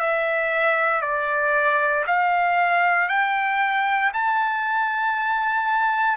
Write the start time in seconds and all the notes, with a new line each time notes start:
0.00 E5
1.02 D5
2.07 F5
3.08 G5
4.14 A5